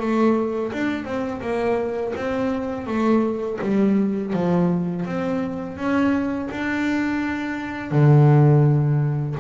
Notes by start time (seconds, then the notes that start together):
0.00 A3
0.73 D4
1.05 C4
1.42 A#3
2.16 C4
2.87 A3
3.61 G3
4.33 F3
5.06 C4
5.77 C#4
6.51 D4
7.91 D3